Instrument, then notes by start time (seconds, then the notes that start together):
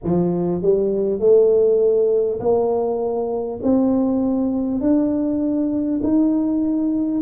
tuba
0.03 F3
0.62 G3
1.19 A3
2.40 A#3
3.63 C4
4.81 D4
6.03 D#4